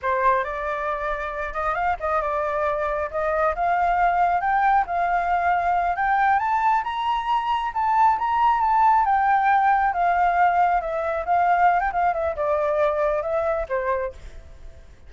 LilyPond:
\new Staff \with { instrumentName = "flute" } { \time 4/4 \tempo 4 = 136 c''4 d''2~ d''8 dis''8 | f''8 dis''8 d''2 dis''4 | f''2 g''4 f''4~ | f''4. g''4 a''4 ais''8~ |
ais''4. a''4 ais''4 a''8~ | a''8 g''2 f''4.~ | f''8 e''4 f''4~ f''16 g''16 f''8 e''8 | d''2 e''4 c''4 | }